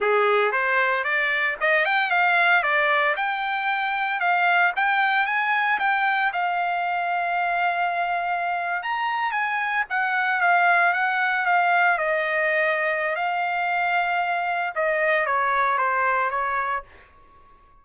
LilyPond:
\new Staff \with { instrumentName = "trumpet" } { \time 4/4 \tempo 4 = 114 gis'4 c''4 d''4 dis''8 g''8 | f''4 d''4 g''2 | f''4 g''4 gis''4 g''4 | f''1~ |
f''8. ais''4 gis''4 fis''4 f''16~ | f''8. fis''4 f''4 dis''4~ dis''16~ | dis''4 f''2. | dis''4 cis''4 c''4 cis''4 | }